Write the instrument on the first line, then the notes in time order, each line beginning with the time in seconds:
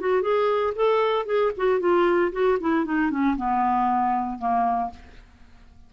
clarinet
0.00 F#4
0.22 G#4
0.76 A4
1.26 G#4
1.57 F#4
1.80 F4
2.33 F#4
2.61 E4
2.85 D#4
3.11 C#4
3.37 B3
4.39 A#3